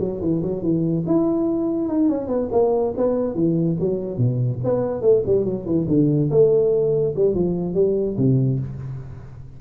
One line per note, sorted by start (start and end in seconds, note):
0.00 0.21 F#3
0.21 0.42 E3
0.43 0.63 F#3
0.63 1.05 E3
1.07 1.89 E4
1.89 2.09 D#4
2.09 2.28 C#4
2.28 2.49 B3
2.52 2.94 A#3
2.97 3.35 B3
3.35 3.77 E3
3.80 4.18 F#3
4.18 4.60 B2
4.64 5.02 B3
5.02 5.23 A3
5.26 5.45 G3
5.45 5.66 F#3
5.66 5.87 E3
5.88 6.30 D3
6.31 7.15 A3
7.16 7.35 G3
7.35 7.75 F3
7.75 8.17 G3
8.18 8.60 C3